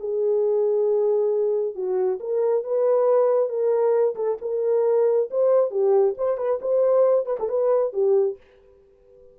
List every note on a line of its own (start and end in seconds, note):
0.00 1.75 G#4
1.75 2.19 F#4
2.20 2.64 A#4
2.64 3.49 B4
3.49 4.15 A#4
4.16 4.38 A4
4.42 5.30 A#4
5.31 5.71 C5
5.71 6.15 G4
6.17 6.37 C5
6.37 6.60 B4
6.62 7.26 C5
7.26 7.37 B4
7.40 7.49 A4
7.49 7.93 B4
7.93 8.37 G4